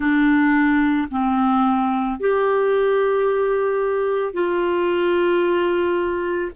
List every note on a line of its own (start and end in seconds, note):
0.00 1.08 D4
1.11 2.20 C4
2.20 4.33 G4
4.33 6.52 F4